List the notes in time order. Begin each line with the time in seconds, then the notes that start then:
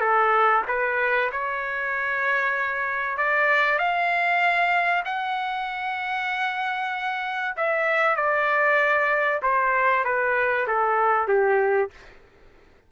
0.00 A4
0.68 B4
1.32 C#5
3.17 D5
3.78 F5
5.05 F#5
7.56 E5
8.16 D5
9.42 C5
10.04 B4
10.67 A4
11.28 G4